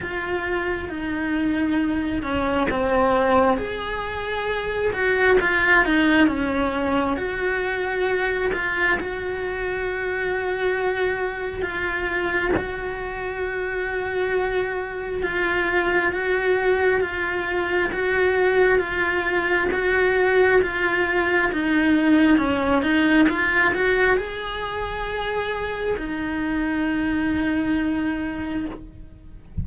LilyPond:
\new Staff \with { instrumentName = "cello" } { \time 4/4 \tempo 4 = 67 f'4 dis'4. cis'8 c'4 | gis'4. fis'8 f'8 dis'8 cis'4 | fis'4. f'8 fis'2~ | fis'4 f'4 fis'2~ |
fis'4 f'4 fis'4 f'4 | fis'4 f'4 fis'4 f'4 | dis'4 cis'8 dis'8 f'8 fis'8 gis'4~ | gis'4 dis'2. | }